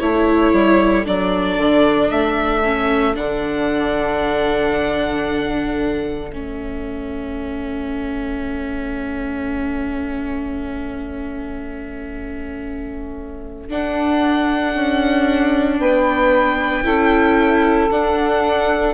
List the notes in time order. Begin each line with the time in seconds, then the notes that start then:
0.00 A3 E4 A4 C#5
0.53 G3
1.05 F#3 D4 D5
1.57 D3
2.10 A3 E5
2.64 C#4
3.14 D3 D4 F#5
6.31 A3 C#4 E5
13.69 D4 F#5
14.75 C#4
15.79 B3 B4 G5
16.84 C#4 E4 A4
17.91 D4 F#5